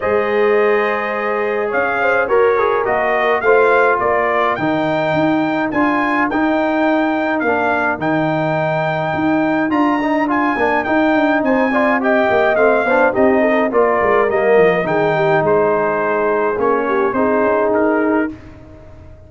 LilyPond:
<<
  \new Staff \with { instrumentName = "trumpet" } { \time 4/4 \tempo 4 = 105 dis''2. f''4 | cis''4 dis''4 f''4 d''4 | g''2 gis''4 g''4~ | g''4 f''4 g''2~ |
g''4 ais''4 gis''4 g''4 | gis''4 g''4 f''4 dis''4 | d''4 dis''4 g''4 c''4~ | c''4 cis''4 c''4 ais'4 | }
  \new Staff \with { instrumentName = "horn" } { \time 4/4 c''2. cis''8 c''8 | ais'2 c''4 ais'4~ | ais'1~ | ais'1~ |
ais'1 | c''8 d''8 dis''4. c''8 g'8 a'8 | ais'2 gis'8 g'8 gis'4~ | gis'4. g'8 gis'2 | }
  \new Staff \with { instrumentName = "trombone" } { \time 4/4 gis'1 | ais'8 gis'8 fis'4 f'2 | dis'2 f'4 dis'4~ | dis'4 d'4 dis'2~ |
dis'4 f'8 dis'8 f'8 d'8 dis'4~ | dis'8 f'8 g'4 c'8 d'8 dis'4 | f'4 ais4 dis'2~ | dis'4 cis'4 dis'2 | }
  \new Staff \with { instrumentName = "tuba" } { \time 4/4 gis2. cis'4 | fis'4 ais4 a4 ais4 | dis4 dis'4 d'4 dis'4~ | dis'4 ais4 dis2 |
dis'4 d'4. ais8 dis'8 d'8 | c'4. ais8 a8 b8 c'4 | ais8 gis8 g8 f8 dis4 gis4~ | gis4 ais4 c'8 cis'8 dis'4 | }
>>